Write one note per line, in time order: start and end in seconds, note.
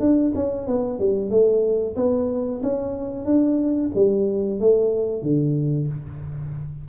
0.00 0.33 D4
0.36 0.67 C#4
0.67 0.99 B3
0.99 1.30 G3
1.30 1.96 A3
1.96 2.61 B3
2.63 3.25 C#4
3.25 3.91 D4
3.95 4.60 G3
4.60 5.23 A3
5.23 5.88 D3